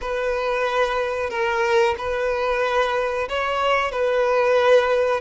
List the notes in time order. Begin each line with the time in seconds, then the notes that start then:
0.01 B4
1.30 A#4
1.98 B4
3.28 C#5
3.91 B4